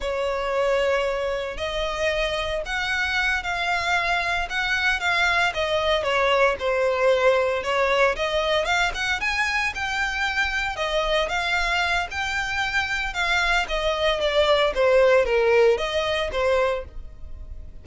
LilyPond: \new Staff \with { instrumentName = "violin" } { \time 4/4 \tempo 4 = 114 cis''2. dis''4~ | dis''4 fis''4. f''4.~ | f''8 fis''4 f''4 dis''4 cis''8~ | cis''8 c''2 cis''4 dis''8~ |
dis''8 f''8 fis''8 gis''4 g''4.~ | g''8 dis''4 f''4. g''4~ | g''4 f''4 dis''4 d''4 | c''4 ais'4 dis''4 c''4 | }